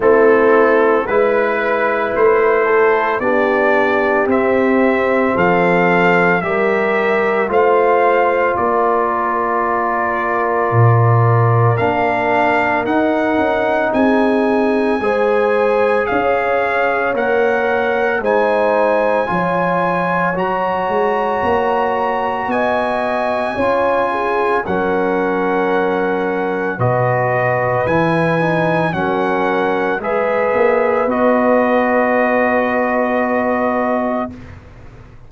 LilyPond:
<<
  \new Staff \with { instrumentName = "trumpet" } { \time 4/4 \tempo 4 = 56 a'4 b'4 c''4 d''4 | e''4 f''4 e''4 f''4 | d''2. f''4 | fis''4 gis''2 f''4 |
fis''4 gis''2 ais''4~ | ais''4 gis''2 fis''4~ | fis''4 dis''4 gis''4 fis''4 | e''4 dis''2. | }
  \new Staff \with { instrumentName = "horn" } { \time 4/4 e'4 b'4. a'8 g'4~ | g'4 a'4 ais'4 c''4 | ais'1~ | ais'4 gis'4 c''4 cis''4~ |
cis''4 c''4 cis''2~ | cis''4 dis''4 cis''8 gis'8 ais'4~ | ais'4 b'2 ais'4 | b'1 | }
  \new Staff \with { instrumentName = "trombone" } { \time 4/4 c'4 e'2 d'4 | c'2 g'4 f'4~ | f'2. d'4 | dis'2 gis'2 |
ais'4 dis'4 f'4 fis'4~ | fis'2 f'4 cis'4~ | cis'4 fis'4 e'8 dis'8 cis'4 | gis'4 fis'2. | }
  \new Staff \with { instrumentName = "tuba" } { \time 4/4 a4 gis4 a4 b4 | c'4 f4 g4 a4 | ais2 ais,4 ais4 | dis'8 cis'8 c'4 gis4 cis'4 |
ais4 gis4 f4 fis8 gis8 | ais4 b4 cis'4 fis4~ | fis4 b,4 e4 fis4 | gis8 ais8 b2. | }
>>